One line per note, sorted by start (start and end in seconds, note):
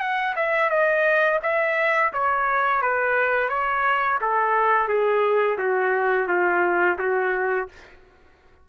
0.00 0.35 F#5
0.36 0.70 E5
0.70 1.40 D#5
1.43 2.12 E5
2.13 2.82 C#5
2.82 3.49 B4
3.49 4.19 C#5
4.21 4.88 A4
4.88 5.58 G#4
5.58 6.28 F#4
6.28 6.98 F4
6.99 7.69 F#4